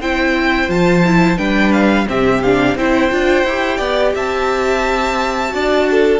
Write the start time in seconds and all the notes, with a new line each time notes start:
0.00 C4 E4 C5 G5
0.68 F3 F4 A5
1.05 E4
1.37 G3 D4 B4 G5
1.72 F5
2.07 C3 C4 G4 E5
2.42 D4 F5
2.75 C4 E4 C5 G5
3.11 D4 F4
3.44 E4 G4
3.77 B3 D5
4.15 C4 E5 A5
5.49 D4 F#4
5.55 D5
5.91 A4